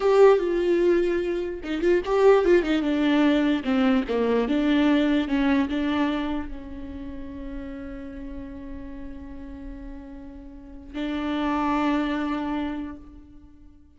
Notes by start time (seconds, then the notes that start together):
0.00 G4
0.39 F4
1.63 D#4
1.81 F4
2.05 G4
2.45 F4
2.63 D#4
2.82 D4
3.63 C4
4.08 A#3
4.48 D4
5.28 C#4
5.68 D4
6.48 C#4
10.93 D4